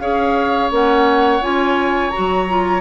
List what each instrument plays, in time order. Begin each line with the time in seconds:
0.00 bassoon C#4, clarinet G#4, oboe C#5, flute F5
0.71 bassoon A#3, clarinet C#4, flute F#5
1.42 bassoon C#4, clarinet F4, flute G#5
2.11 clarinet F#4, flute A#5
2.19 bassoon F#3
2.49 clarinet F4